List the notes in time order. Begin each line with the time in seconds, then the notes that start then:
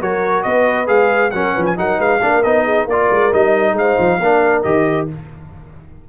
0.00 F#3 F#4 A#4 C#5
0.43 B3 B4 D#5
0.86 G#3 G#4 F5
1.31 F#3 C#4 A#4 F#5
1.53 F3 B4
1.66 G#5
1.76 F#3 D#4 A#4 F#5
1.97 G#3 B4 F5
2.21 A#3 D4 A#4
2.43 B3 D#4 D#5
2.64 G#4
2.84 A#3 A#4 D5
2.92 F4
3.11 G#3
3.32 G3 D#4 D#5
3.73 G#3 C5 F5
3.99 F3
4.19 A#3 D4 A#4
4.62 D#3 G4 D#5